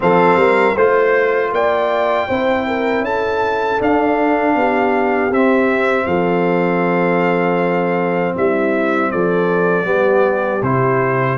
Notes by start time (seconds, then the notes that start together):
0.00 F3 C4 A4 F5
0.36 G3 A#4
0.74 A3 F4 C5
1.51 A#3 D5 G5
2.27 C4 E4 C5
2.67 A#4
3.00 C#4 A4 A5
3.79 D4 F5
4.55 B3 G4
5.30 C4 E5
6.06 F3 A4 F5
8.35 G3 E4 E5
9.11 F3 A4 D5
9.84 G3 B3 G4
10.62 C3 E4 C5